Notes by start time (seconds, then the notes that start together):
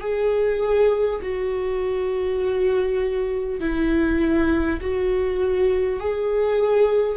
0.00 G#4
1.22 F#4
3.61 E4
4.81 F#4
6.00 G#4